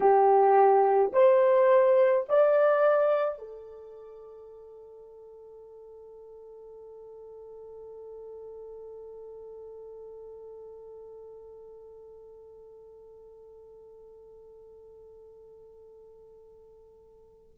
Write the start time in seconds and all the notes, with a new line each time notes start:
0.00 G4
1.13 C5
2.28 D5
3.38 A4